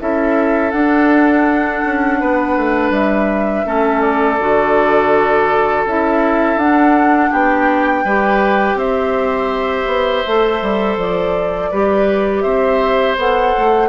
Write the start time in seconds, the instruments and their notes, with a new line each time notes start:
0.00 bassoon C#4, clarinet E4, oboe A4, flute E5
0.72 clarinet D4, bassoon D4, flute F#5
1.86 bassoon C#4
2.20 bassoon B3, oboe B4
2.57 bassoon A3
2.91 bassoon G3, flute E5
3.65 bassoon A3, clarinet C#4, oboe A4
4.02 flute D5
4.39 bassoon D3, clarinet F#4
5.86 bassoon C#4, clarinet E4, flute E5
6.57 bassoon D4, clarinet D4, flute F#5
7.31 bassoon B3, oboe G4, flute G5
8.05 bassoon G3, clarinet G4, oboe B4
8.75 bassoon C4, oboe C5, flute E5
9.87 bassoon B3
10.27 bassoon A3, clarinet A4
10.62 bassoon G3
10.98 bassoon F3, flute D5
11.71 bassoon G3, clarinet G4, oboe B4
12.42 bassoon C4, oboe C5, flute E5
13.17 bassoon B3, clarinet A4, flute F#5
13.58 bassoon A3